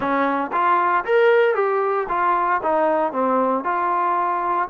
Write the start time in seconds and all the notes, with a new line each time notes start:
0.00 C#4
0.52 F4
1.05 A#4
1.54 G4
2.09 F4
2.63 D#4
3.12 C4
3.64 F4